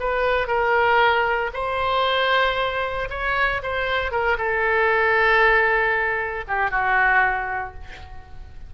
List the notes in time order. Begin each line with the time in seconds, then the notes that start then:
0.00 B4
0.47 A#4
1.53 C5
3.10 C#5
3.63 C5
4.11 A#4
4.38 A4
6.48 G4
6.71 F#4